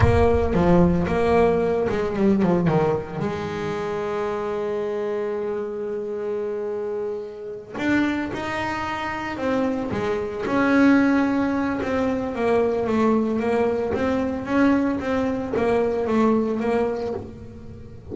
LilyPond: \new Staff \with { instrumentName = "double bass" } { \time 4/4 \tempo 4 = 112 ais4 f4 ais4. gis8 | g8 f8 dis4 gis2~ | gis1~ | gis2~ gis8 d'4 dis'8~ |
dis'4. c'4 gis4 cis'8~ | cis'2 c'4 ais4 | a4 ais4 c'4 cis'4 | c'4 ais4 a4 ais4 | }